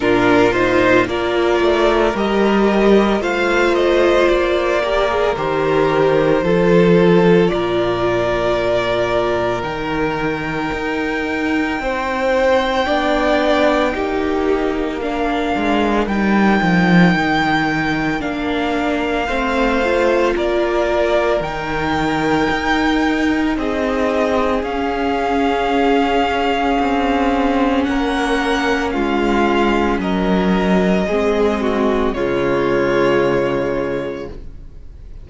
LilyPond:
<<
  \new Staff \with { instrumentName = "violin" } { \time 4/4 \tempo 4 = 56 ais'8 c''8 d''4 dis''4 f''8 dis''8 | d''4 c''2 d''4~ | d''4 g''2.~ | g''2 f''4 g''4~ |
g''4 f''2 d''4 | g''2 dis''4 f''4~ | f''2 fis''4 f''4 | dis''2 cis''2 | }
  \new Staff \with { instrumentName = "violin" } { \time 4/4 f'4 ais'2 c''4~ | c''8 ais'4. a'4 ais'4~ | ais'2. c''4 | d''4 g'4 ais'2~ |
ais'2 c''4 ais'4~ | ais'2 gis'2~ | gis'2 ais'4 f'4 | ais'4 gis'8 fis'8 f'2 | }
  \new Staff \with { instrumentName = "viola" } { \time 4/4 d'8 dis'8 f'4 g'4 f'4~ | f'8 g'16 gis'16 g'4 f'2~ | f'4 dis'2. | d'4 dis'4 d'4 dis'4~ |
dis'4 d'4 c'8 f'4. | dis'2. cis'4~ | cis'1~ | cis'4 c'4 gis2 | }
  \new Staff \with { instrumentName = "cello" } { \time 4/4 ais,4 ais8 a8 g4 a4 | ais4 dis4 f4 ais,4~ | ais,4 dis4 dis'4 c'4 | b4 ais4. gis8 g8 f8 |
dis4 ais4 a4 ais4 | dis4 dis'4 c'4 cis'4~ | cis'4 c'4 ais4 gis4 | fis4 gis4 cis2 | }
>>